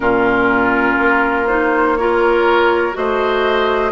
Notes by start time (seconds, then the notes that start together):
0.00 A#2 C#4 F4 A#4
0.97 A#3
1.47 D#4 C5
1.96 F4 A#4 C#5
2.92 A3 F#4 C5 D#5